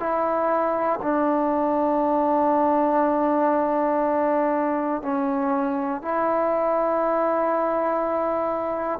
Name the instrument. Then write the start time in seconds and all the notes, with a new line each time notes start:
trombone
0.00 E4
1.02 D4
5.02 C#4
6.02 E4